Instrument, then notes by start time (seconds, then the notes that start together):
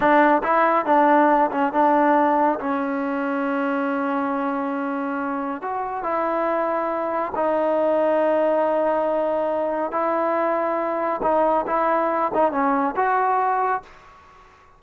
trombone
0.00 D4
0.43 E4
0.85 D4
1.51 C#4
1.72 D4
2.59 C#4
5.61 F#4
6.03 E4
7.35 D#4
9.91 E4
11.22 D#4
11.66 E4
12.33 D#4
12.51 C#4
12.96 F#4